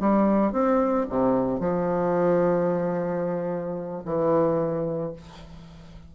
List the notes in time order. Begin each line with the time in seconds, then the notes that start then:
0.00 G3
0.52 C4
1.09 C3
1.60 F3
4.05 E3